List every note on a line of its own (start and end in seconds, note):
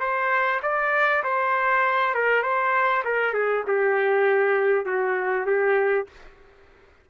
0.00 0.61 C5
0.62 1.23 D5
1.24 2.14 C5
2.14 2.42 A#4
2.42 3.03 C5
3.04 3.33 A#4
3.33 3.64 G#4
3.67 4.86 G4
4.86 5.46 F#4
5.46 6.07 G4